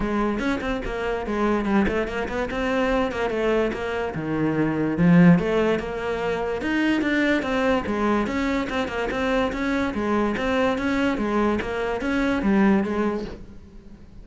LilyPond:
\new Staff \with { instrumentName = "cello" } { \time 4/4 \tempo 4 = 145 gis4 cis'8 c'8 ais4 gis4 | g8 a8 ais8 b8 c'4. ais8 | a4 ais4 dis2 | f4 a4 ais2 |
dis'4 d'4 c'4 gis4 | cis'4 c'8 ais8 c'4 cis'4 | gis4 c'4 cis'4 gis4 | ais4 cis'4 g4 gis4 | }